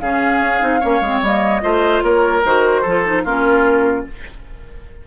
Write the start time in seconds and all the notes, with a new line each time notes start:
0.00 C#3 C#4 G#4 F5
0.41 C#4
0.60 C4 D#4
0.80 A#3 C#4 C#5
1.01 G#3 C4
1.22 G3 A#3 D#5
1.61 A3 F4 C5
2.03 A#3 A#4 C#5
2.45 D#3 F#4 C5
2.82 F3 F4 A4
3.05 D#4
3.25 A#3 C#4 F4 A#4